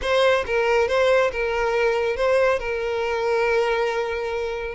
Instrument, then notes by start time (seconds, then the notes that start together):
violin
0.01 C5
0.46 A#4
0.88 C5
1.32 A#4
2.16 C5
2.59 A#4